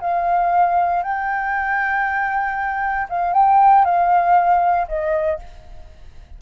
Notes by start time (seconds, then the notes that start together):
0.00 F5
1.02 G5
3.09 F5
3.33 G5
3.85 F5
4.88 D#5